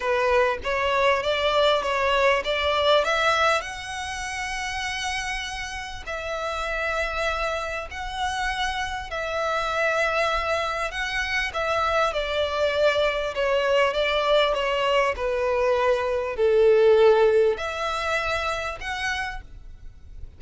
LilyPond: \new Staff \with { instrumentName = "violin" } { \time 4/4 \tempo 4 = 99 b'4 cis''4 d''4 cis''4 | d''4 e''4 fis''2~ | fis''2 e''2~ | e''4 fis''2 e''4~ |
e''2 fis''4 e''4 | d''2 cis''4 d''4 | cis''4 b'2 a'4~ | a'4 e''2 fis''4 | }